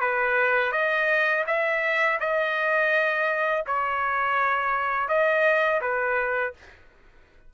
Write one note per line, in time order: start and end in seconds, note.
0.00 0.72 B4
0.72 1.44 D#5
1.47 2.19 E5
2.19 3.64 D#5
3.66 5.08 C#5
5.08 5.80 D#5
5.81 6.53 B4